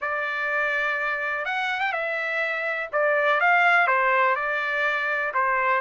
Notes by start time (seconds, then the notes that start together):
0.01 D5
1.45 F#5
1.80 G5
1.92 E5
2.92 D5
3.40 F5
3.87 C5
4.35 D5
5.34 C5